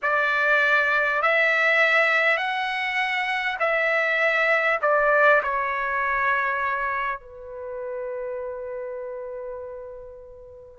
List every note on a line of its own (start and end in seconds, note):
0.02 1.22 D5
1.22 2.37 E5
2.37 3.57 F#5
3.59 4.79 E5
4.81 5.41 D5
5.42 7.20 C#5
7.20 10.78 B4